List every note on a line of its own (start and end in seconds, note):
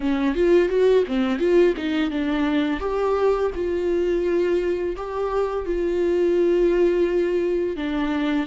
0.00 0.34 C#4
0.34 0.68 F4
0.68 1.04 F#4
1.07 1.38 C4
1.38 1.74 F4
1.76 2.10 D#4
2.10 2.80 D4
2.80 3.50 G4
3.55 4.96 F4
4.96 5.65 G4
5.65 7.76 F4
7.76 8.46 D4